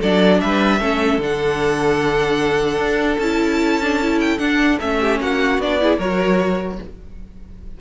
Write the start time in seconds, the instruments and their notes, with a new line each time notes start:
0.00 cello F#3, viola D4, violin A4 D5
0.40 cello G3, violin B4 E5
0.79 cello A3, viola C#4, violin A4
1.18 cello D3, viola D4, violin F#5
2.77 cello D4
3.18 cello C#4, viola E4, violin A5
3.82 viola D4
4.02 viola E4
4.20 violin G5
4.38 cello D4, viola D4, violin F#5
4.80 cello A3, viola C#4, violin E5
5.00 violin G4
5.20 cello A#3, violin F#4 F#5
5.58 cello B3, viola D4, violin D5
5.80 viola E4, violin G#4
5.98 cello F#3, viola F#4, violin A#4 C#5